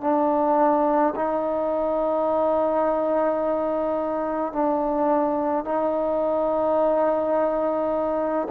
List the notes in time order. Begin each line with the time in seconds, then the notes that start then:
0.00 D4
1.15 D#4
4.52 D4
5.64 D#4